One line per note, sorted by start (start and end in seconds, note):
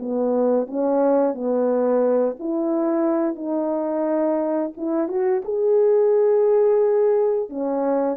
0.00 0.67 B3
0.67 1.35 C#4
1.35 2.37 B3
2.40 3.36 E4
3.36 4.72 D#4
4.77 5.08 E4
5.08 5.42 F#4
5.45 7.49 G#4
7.49 8.17 C#4